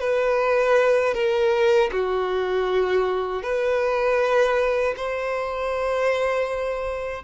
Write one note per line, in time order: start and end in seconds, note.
0.00 1.14 B4
1.14 1.90 A#4
1.92 3.42 F#4
3.42 4.94 B4
4.96 7.24 C5